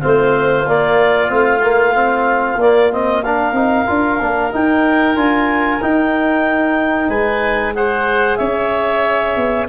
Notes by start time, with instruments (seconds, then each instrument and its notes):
0.00 tuba A3, trombone C4, oboe F4, clarinet C5
0.66 tuba A#3, trombone A#3, clarinet D5
1.27 tuba A3, trombone C4, clarinet F5
1.63 trombone A#3
1.93 trombone C4
2.56 tuba A#3, trombone A#3, clarinet D5
2.91 trombone C4, clarinet D#5
3.23 trombone D4, oboe A#4, clarinet F5
3.52 tuba C4, trombone D#4
3.86 tuba D4, trombone F4
4.20 tuba A#3, trombone D4
4.51 trombone D#4, tuba D#4, clarinet G5
5.15 tuba D4, trombone F4, clarinet G#5
5.81 tuba D#4, trombone D#4, clarinet G5
7.08 tuba G#3, oboe B4, clarinet G#5
7.75 trombone G#4, oboe C5, clarinet F#5
8.36 tuba C#4, oboe C#5, clarinet E5
9.36 tuba B3